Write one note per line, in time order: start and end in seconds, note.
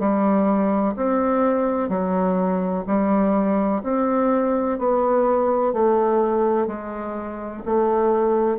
0.00 0.95 G3
0.97 1.89 C4
1.89 2.84 F#3
2.87 3.83 G3
3.84 4.79 C4
4.79 5.74 B3
5.74 6.68 A3
6.68 7.63 G#3
7.66 8.59 A3